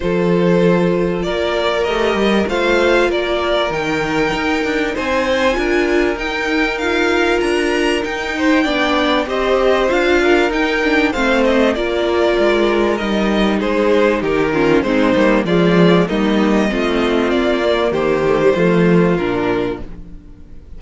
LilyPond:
<<
  \new Staff \with { instrumentName = "violin" } { \time 4/4 \tempo 4 = 97 c''2 d''4 dis''4 | f''4 d''4 g''2 | gis''2 g''4 f''4 | ais''4 g''2 dis''4 |
f''4 g''4 f''8 dis''8 d''4~ | d''4 dis''4 c''4 ais'4 | c''4 d''4 dis''2 | d''4 c''2 ais'4 | }
  \new Staff \with { instrumentName = "violin" } { \time 4/4 a'2 ais'2 | c''4 ais'2. | c''4 ais'2.~ | ais'4. c''8 d''4 c''4~ |
c''8 ais'4. c''4 ais'4~ | ais'2 gis'4 g'8 f'8 | dis'4 f'4 dis'4 f'4~ | f'4 g'4 f'2 | }
  \new Staff \with { instrumentName = "viola" } { \time 4/4 f'2. g'4 | f'2 dis'2~ | dis'4 f'4 dis'4 f'4~ | f'4 dis'4 d'4 g'4 |
f'4 dis'8 d'8 c'4 f'4~ | f'4 dis'2~ dis'8 cis'8 | c'8 ais8 gis4 ais4 c'4~ | c'8 ais4 a16 g16 a4 d'4 | }
  \new Staff \with { instrumentName = "cello" } { \time 4/4 f2 ais4 a8 g8 | a4 ais4 dis4 dis'8 d'8 | c'4 d'4 dis'2 | d'4 dis'4 b4 c'4 |
d'4 dis'4 a4 ais4 | gis4 g4 gis4 dis4 | gis8 g8 f4 g4 a4 | ais4 dis4 f4 ais,4 | }
>>